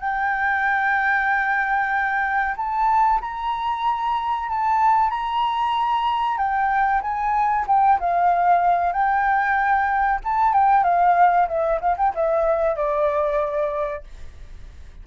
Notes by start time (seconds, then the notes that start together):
0.00 G5
2.56 A5
3.21 A#5
4.49 A5
5.10 A#5
6.37 G5
7.02 G#5
7.67 G5
8.00 F5
8.92 G5
10.24 A5
10.53 G5
10.84 F5
11.48 E5
11.81 F5
11.97 G5
12.15 E5
12.76 D5